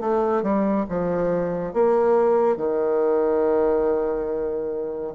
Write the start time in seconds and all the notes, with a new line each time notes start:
0.00 A3
0.42 G3
0.89 F3
1.73 A#3
2.57 D#3